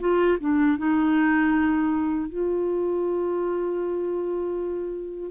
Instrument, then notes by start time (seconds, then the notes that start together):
clarinet
0.00 F4
0.40 D4
0.78 D#4
2.29 F4